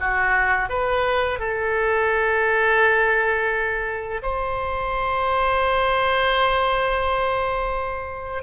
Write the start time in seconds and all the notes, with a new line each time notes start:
0.00 F#4
0.69 B4
1.39 A4
4.22 C5